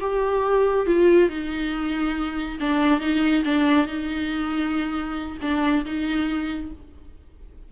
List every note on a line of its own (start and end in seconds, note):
0.00 0.86 G4
0.86 1.29 F4
1.29 2.58 D#4
2.60 3.00 D4
3.00 3.43 D#4
3.44 3.87 D4
3.87 5.38 D#4
5.41 5.84 D4
5.85 6.71 D#4